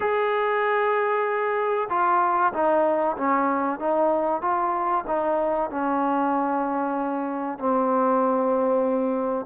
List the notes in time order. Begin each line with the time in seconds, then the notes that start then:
0.00 G#4
1.89 F4
2.53 D#4
3.17 C#4
3.79 D#4
4.41 F4
5.07 D#4
5.70 C#4
7.58 C4